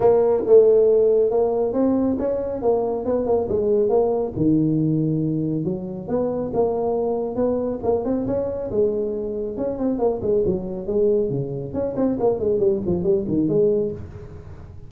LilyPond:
\new Staff \with { instrumentName = "tuba" } { \time 4/4 \tempo 4 = 138 ais4 a2 ais4 | c'4 cis'4 ais4 b8 ais8 | gis4 ais4 dis2~ | dis4 fis4 b4 ais4~ |
ais4 b4 ais8 c'8 cis'4 | gis2 cis'8 c'8 ais8 gis8 | fis4 gis4 cis4 cis'8 c'8 | ais8 gis8 g8 f8 g8 dis8 gis4 | }